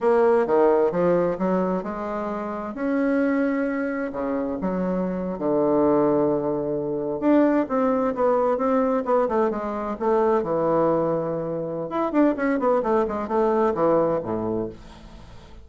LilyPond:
\new Staff \with { instrumentName = "bassoon" } { \time 4/4 \tempo 4 = 131 ais4 dis4 f4 fis4 | gis2 cis'2~ | cis'4 cis4 fis4.~ fis16 d16~ | d2.~ d8. d'16~ |
d'8. c'4 b4 c'4 b16~ | b16 a8 gis4 a4 e4~ e16~ | e2 e'8 d'8 cis'8 b8 | a8 gis8 a4 e4 a,4 | }